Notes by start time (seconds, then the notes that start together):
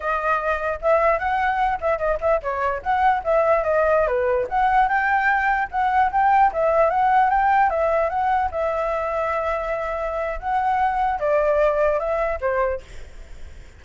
0.00 D#5
0.81 E5
1.19 F#5
1.80 E5
1.98 D#5
2.20 E5
2.42 C#5
2.83 F#5
3.23 E5
3.63 D#5
4.07 B4
4.49 F#5
4.88 G5
5.71 F#5
6.11 G5
6.53 E5
6.89 F#5
7.29 G5
7.70 E5
8.09 F#5
8.51 E5
10.39 F#5
11.19 D5
11.99 E5
12.40 C5